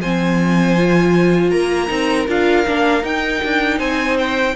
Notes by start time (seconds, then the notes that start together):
0.00 F3 C4 C5 G#5
0.77 F4
1.50 A#3 A#4 A#5
1.88 C4 D#4
2.28 D4 F4 F5
2.66 A#3 D4
3.02 D#4 G5
3.44 D4
3.78 C4 C5 G#5
4.18 G5